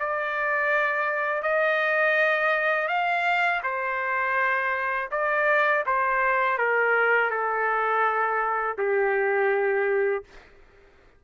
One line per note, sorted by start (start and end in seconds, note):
0.00 1.43 D5
1.43 2.89 D#5
2.89 3.62 F5
3.64 5.10 C5
5.12 5.85 D5
5.86 6.59 C5
6.59 7.31 A#4
7.31 8.77 A4
8.78 10.25 G4